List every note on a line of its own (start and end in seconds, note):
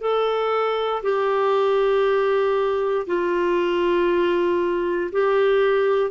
0.00 1.02 A4
1.03 3.06 G4
3.06 5.10 F4
5.12 6.10 G4